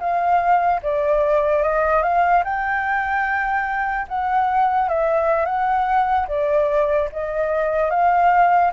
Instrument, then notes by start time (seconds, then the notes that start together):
flute
0.00 F5
0.83 D5
1.63 D#5
2.03 F5
2.45 G5
4.08 F#5
4.89 E5
5.46 F#5
6.28 D5
7.12 D#5
7.91 F5